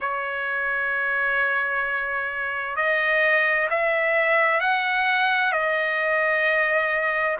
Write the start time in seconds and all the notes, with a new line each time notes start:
0.00 C#5
2.76 D#5
3.70 E5
4.60 F#5
5.52 D#5